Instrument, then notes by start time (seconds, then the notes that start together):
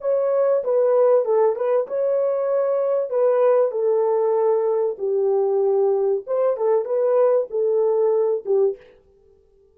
horn
0.00 C#5
0.63 B4
1.25 A4
1.55 B4
1.87 C#5
3.09 B4
3.71 A4
4.98 G4
6.26 C5
6.57 A4
6.84 B4
7.50 A4
8.45 G4